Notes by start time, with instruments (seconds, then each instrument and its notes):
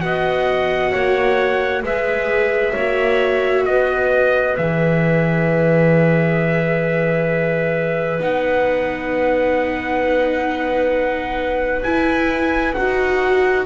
0.00 double bass B3, viola F#4, clarinet D#5, trumpet F#5
0.92 double bass A#3, clarinet C#5
1.82 double bass G#3, viola G#4, clarinet B4, trumpet E5
2.72 double bass A#3, viola F#4, clarinet C#5
3.65 double bass B3, clarinet B4, trumpet D#5
4.56 double bass E3, viola G#4, trumpet E5
8.19 double bass B3, viola D#4, trumpet F#5
11.82 double bass E4, viola E4, trumpet G#5
12.74 double bass D#4, viola F#4, trumpet F#5